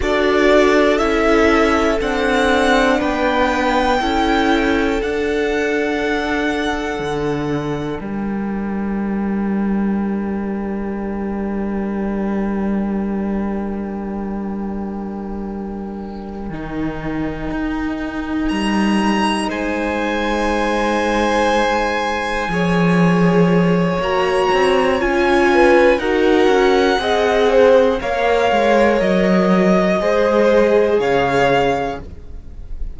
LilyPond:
<<
  \new Staff \with { instrumentName = "violin" } { \time 4/4 \tempo 4 = 60 d''4 e''4 fis''4 g''4~ | g''4 fis''2. | g''1~ | g''1~ |
g''2~ g''8 ais''4 gis''8~ | gis''1 | ais''4 gis''4 fis''2 | f''4 dis''2 f''4 | }
  \new Staff \with { instrumentName = "violin" } { \time 4/4 a'2. b'4 | a'1 | ais'1~ | ais'1~ |
ais'2.~ ais'8 c''8~ | c''2~ c''8 cis''4.~ | cis''4. b'8 ais'4 dis''8 c''8 | cis''2 c''4 cis''4 | }
  \new Staff \with { instrumentName = "viola" } { \time 4/4 fis'4 e'4 d'2 | e'4 d'2.~ | d'1~ | d'1~ |
d'8 dis'2.~ dis'8~ | dis'2~ dis'8 gis'4. | fis'4 f'4 fis'4 gis'4 | ais'2 gis'2 | }
  \new Staff \with { instrumentName = "cello" } { \time 4/4 d'4 cis'4 c'4 b4 | cis'4 d'2 d4 | g1~ | g1~ |
g8 dis4 dis'4 g4 gis8~ | gis2~ gis8 f4. | ais8 c'8 cis'4 dis'8 cis'8 c'4 | ais8 gis8 fis4 gis4 cis4 | }
>>